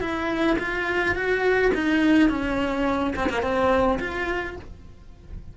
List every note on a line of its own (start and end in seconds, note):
0.00 0.57 E4
0.59 1.15 F4
1.15 1.71 F#4
1.74 2.29 D#4
2.29 3.14 C#4
3.16 3.29 C4
3.29 3.42 A#3
3.42 3.99 C4
3.99 4.56 F4